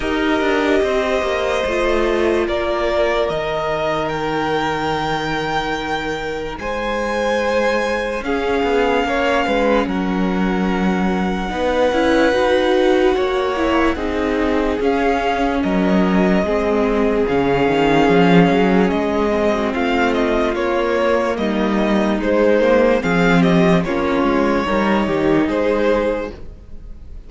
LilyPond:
<<
  \new Staff \with { instrumentName = "violin" } { \time 4/4 \tempo 4 = 73 dis''2. d''4 | dis''4 g''2. | gis''2 f''2 | fis''1~ |
fis''2 f''4 dis''4~ | dis''4 f''2 dis''4 | f''8 dis''8 cis''4 dis''4 c''4 | f''8 dis''8 cis''2 c''4 | }
  \new Staff \with { instrumentName = "violin" } { \time 4/4 ais'4 c''2 ais'4~ | ais'1 | c''2 gis'4 cis''8 b'8 | ais'2 b'2 |
cis''4 gis'2 ais'4 | gis'2.~ gis'8. fis'16 | f'2 dis'2 | gis'8 g'8 f'4 ais'8 g'8 gis'4 | }
  \new Staff \with { instrumentName = "viola" } { \time 4/4 g'2 f'2 | dis'1~ | dis'2 cis'2~ | cis'2 dis'8 e'8 fis'4~ |
fis'8 e'8 dis'4 cis'2 | c'4 cis'2~ cis'8 c'8~ | c'4 ais2 gis8 ais8 | c'4 cis'4 dis'2 | }
  \new Staff \with { instrumentName = "cello" } { \time 4/4 dis'8 d'8 c'8 ais8 a4 ais4 | dis1 | gis2 cis'8 b8 ais8 gis8 | fis2 b8 cis'8 dis'4 |
ais4 c'4 cis'4 fis4 | gis4 cis8 dis8 f8 fis8 gis4 | a4 ais4 g4 gis4 | f4 ais8 gis8 g8 dis8 gis4 | }
>>